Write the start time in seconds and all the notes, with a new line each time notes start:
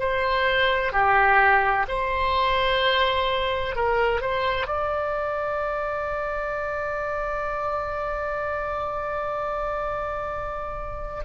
0.00 C5
0.92 G4
1.88 C5
3.76 A#4
4.21 C5
4.67 D5